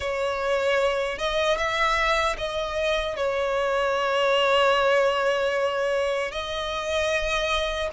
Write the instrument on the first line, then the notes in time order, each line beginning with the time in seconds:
violin
0.00 C#5
1.18 D#5
1.57 E5
2.37 D#5
3.16 C#5
6.31 D#5